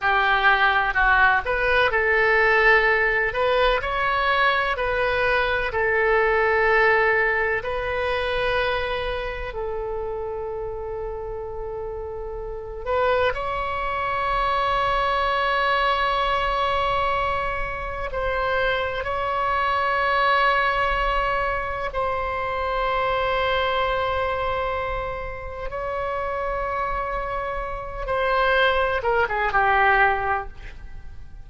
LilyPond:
\new Staff \with { instrumentName = "oboe" } { \time 4/4 \tempo 4 = 63 g'4 fis'8 b'8 a'4. b'8 | cis''4 b'4 a'2 | b'2 a'2~ | a'4. b'8 cis''2~ |
cis''2. c''4 | cis''2. c''4~ | c''2. cis''4~ | cis''4. c''4 ais'16 gis'16 g'4 | }